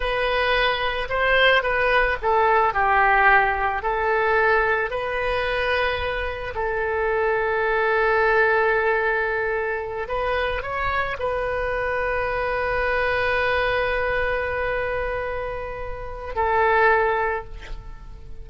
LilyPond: \new Staff \with { instrumentName = "oboe" } { \time 4/4 \tempo 4 = 110 b'2 c''4 b'4 | a'4 g'2 a'4~ | a'4 b'2. | a'1~ |
a'2~ a'8 b'4 cis''8~ | cis''8 b'2.~ b'8~ | b'1~ | b'2 a'2 | }